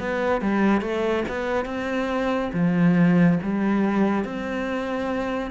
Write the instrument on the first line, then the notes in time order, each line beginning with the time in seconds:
cello
0.00 B3
0.41 G3
0.81 A3
1.29 B3
1.66 C4
2.54 F3
3.43 G3
4.25 C4